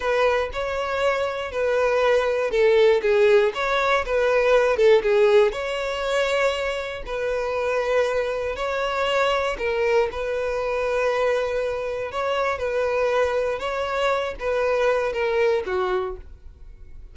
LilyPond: \new Staff \with { instrumentName = "violin" } { \time 4/4 \tempo 4 = 119 b'4 cis''2 b'4~ | b'4 a'4 gis'4 cis''4 | b'4. a'8 gis'4 cis''4~ | cis''2 b'2~ |
b'4 cis''2 ais'4 | b'1 | cis''4 b'2 cis''4~ | cis''8 b'4. ais'4 fis'4 | }